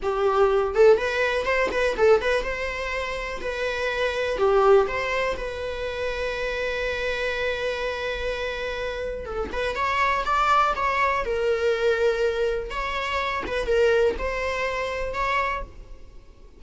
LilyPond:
\new Staff \with { instrumentName = "viola" } { \time 4/4 \tempo 4 = 123 g'4. a'8 b'4 c''8 b'8 | a'8 b'8 c''2 b'4~ | b'4 g'4 c''4 b'4~ | b'1~ |
b'2. a'8 b'8 | cis''4 d''4 cis''4 ais'4~ | ais'2 cis''4. b'8 | ais'4 c''2 cis''4 | }